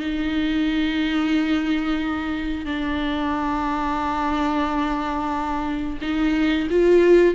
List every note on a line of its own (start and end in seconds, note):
0.00 2.66 D#4
2.66 5.99 D4
6.02 6.68 D#4
6.71 7.35 F4